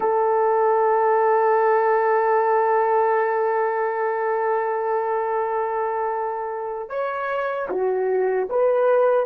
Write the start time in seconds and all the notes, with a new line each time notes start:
0.00 A4
6.89 C#5
7.69 F#4
8.49 B4